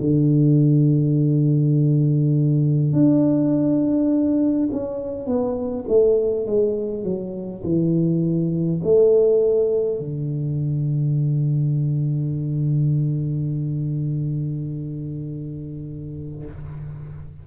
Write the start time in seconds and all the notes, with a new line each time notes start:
0.00 D3
2.93 D4
4.72 C#4
5.26 B3
5.88 A3
6.46 G#3
7.04 F#3
7.64 E3
8.83 A3
9.99 D3